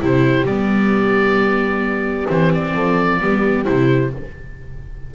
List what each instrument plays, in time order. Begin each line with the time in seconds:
0.00 double bass C3, viola E4, horn G4, oboe C5
0.44 double bass G3, viola B3, oboe D5
2.28 double bass E3, viola C4, oboe C5
2.54 oboe D5
2.74 double bass F3, horn A4
3.20 double bass G3, viola B3, horn G4
3.64 double bass C3, viola E4, oboe C5